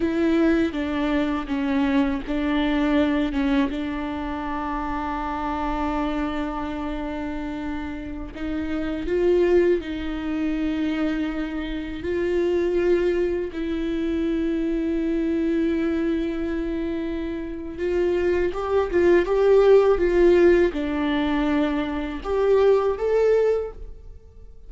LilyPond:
\new Staff \with { instrumentName = "viola" } { \time 4/4 \tempo 4 = 81 e'4 d'4 cis'4 d'4~ | d'8 cis'8 d'2.~ | d'2.~ d'16 dis'8.~ | dis'16 f'4 dis'2~ dis'8.~ |
dis'16 f'2 e'4.~ e'16~ | e'1 | f'4 g'8 f'8 g'4 f'4 | d'2 g'4 a'4 | }